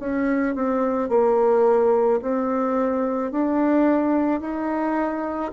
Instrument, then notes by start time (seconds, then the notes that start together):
bassoon
0.00 C#4
0.55 C4
1.09 A#3
2.22 C4
3.31 D4
4.41 D#4